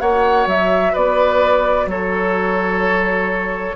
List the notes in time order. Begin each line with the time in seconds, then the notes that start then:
0.00 A#3 F#4 C#5 F#5
0.46 F#3 E5
0.93 B3 B4 D5
1.86 F#3 A4 C#5